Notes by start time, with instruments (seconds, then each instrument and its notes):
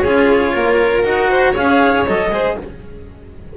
0.00 double bass C#4, cello F4, violin G#4, clarinet C#5
0.53 double bass A#3, violin A#4
1.03 double bass D#4, cello F#4, clarinet F#5
1.30 violin C5
1.52 double bass C#4, cello G#4, violin C#5, clarinet F5
2.06 double bass F#3, cello A4, clarinet D#5
2.31 double bass G#3, cello G#4, violin C5